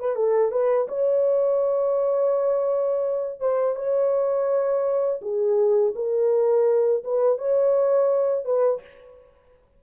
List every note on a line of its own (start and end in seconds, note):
0.00 0.16 B4
0.16 0.52 A4
0.52 0.88 B4
0.88 3.40 C#5
3.40 3.76 C5
3.76 5.20 C#5
5.22 5.94 G#4
5.95 7.04 A#4
7.04 7.38 B4
7.38 8.45 C#5
8.45 8.81 B4